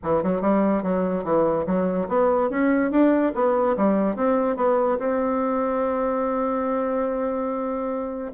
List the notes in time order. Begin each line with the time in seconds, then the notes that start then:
0.03 E3
0.23 F#3
0.41 G3
0.83 F#3
1.23 E3
1.66 F#3
2.08 B3
2.50 C#4
2.91 D4
3.34 B3
3.76 G3
4.16 C4
4.56 B3
4.98 C4